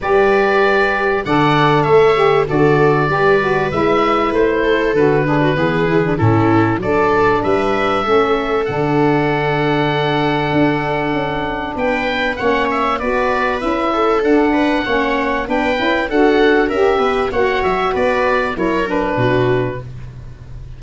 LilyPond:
<<
  \new Staff \with { instrumentName = "oboe" } { \time 4/4 \tempo 4 = 97 d''2 fis''4 e''4 | d''2 e''4 c''4 | b'2 a'4 d''4 | e''2 fis''2~ |
fis''2. g''4 | fis''8 e''8 d''4 e''4 fis''4~ | fis''4 g''4 fis''4 e''4 | fis''8 e''8 d''4 cis''8 b'4. | }
  \new Staff \with { instrumentName = "viola" } { \time 4/4 b'2 d''4 cis''4 | a'4 b'2~ b'8 a'8~ | a'8 gis'16 fis'16 gis'4 e'4 a'4 | b'4 a'2.~ |
a'2. b'4 | cis''4 b'4. a'4 b'8 | cis''4 b'4 a'4 ais'8 b'8 | cis''4 b'4 ais'4 fis'4 | }
  \new Staff \with { instrumentName = "saxophone" } { \time 4/4 g'2 a'4. g'8 | fis'4 g'8 fis'8 e'2 | fis'8 d'8 b8 e'16 d'16 cis'4 d'4~ | d'4 cis'4 d'2~ |
d'1 | cis'4 fis'4 e'4 d'4 | cis'4 d'8 e'8 fis'4 g'4 | fis'2 e'8 d'4. | }
  \new Staff \with { instrumentName = "tuba" } { \time 4/4 g2 d4 a4 | d4 g4 gis4 a4 | d4 e4 a,4 fis4 | g4 a4 d2~ |
d4 d'4 cis'4 b4 | ais4 b4 cis'4 d'4 | ais4 b8 cis'8 d'4 cis'8 b8 | ais8 fis8 b4 fis4 b,4 | }
>>